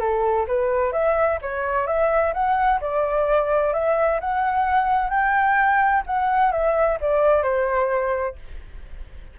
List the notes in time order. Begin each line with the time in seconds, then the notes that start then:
0.00 A4
0.48 B4
0.93 E5
1.42 C#5
1.87 E5
2.34 F#5
2.81 D5
3.74 E5
4.21 F#5
5.10 G5
6.07 F#5
6.52 E5
7.01 D5
7.43 C5